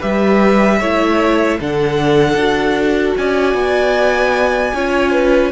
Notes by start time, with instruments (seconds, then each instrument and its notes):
0.00 cello G3, viola G4, violin B4 E5
0.79 cello A3, viola E4, violin C#5
1.59 cello D3, viola D4, violin A4 F#5
2.34 cello D4, viola F#4
3.17 cello C#4, violin D5 G#5
3.54 cello B3
4.74 cello C#4, viola F4, violin C#5
5.12 violin B4